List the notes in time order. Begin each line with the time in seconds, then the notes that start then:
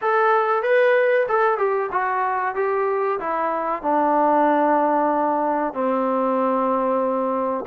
0.01 A4
0.62 B4
1.28 A4
1.58 G4
1.91 F#4
2.55 G4
3.19 E4
3.82 D4
5.73 C4